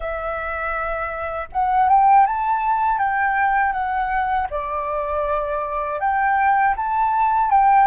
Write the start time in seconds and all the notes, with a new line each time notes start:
0.00 E5
1.52 F#5
1.89 G5
2.26 A5
2.98 G5
3.72 F#5
4.50 D5
6.00 G5
6.76 A5
7.50 G5